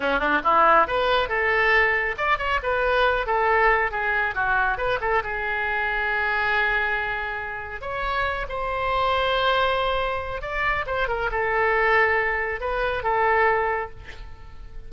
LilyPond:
\new Staff \with { instrumentName = "oboe" } { \time 4/4 \tempo 4 = 138 cis'8 d'8 e'4 b'4 a'4~ | a'4 d''8 cis''8 b'4. a'8~ | a'4 gis'4 fis'4 b'8 a'8 | gis'1~ |
gis'2 cis''4. c''8~ | c''1 | d''4 c''8 ais'8 a'2~ | a'4 b'4 a'2 | }